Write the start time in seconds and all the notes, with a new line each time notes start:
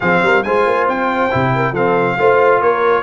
0.00 F3 C4 G#4 F5
0.22 G3 A#4
0.43 G#3 F4 C5 G#5
0.66 A#3
0.87 C4 G5
1.30 C3 E4
1.55 A#4
1.72 F3 C4 A4 F5
2.18 A3 F4 C5
2.61 A#3 A#4 C#5